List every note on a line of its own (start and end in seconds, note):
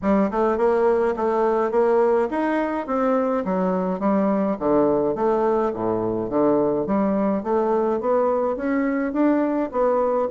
0.02 0.30 G3
0.30 0.57 A3
0.57 1.14 A#3
1.16 1.71 A3
1.71 2.28 A#3
2.30 2.86 D#4
2.86 3.44 C4
3.44 3.99 F#3
3.99 4.56 G3
4.59 5.15 D3
5.15 5.72 A3
5.73 6.29 A2
6.29 6.86 D3
6.86 7.43 G3
7.43 8.00 A3
8.00 8.56 B3
8.56 9.12 C#4
9.12 9.69 D4
9.71 10.28 B3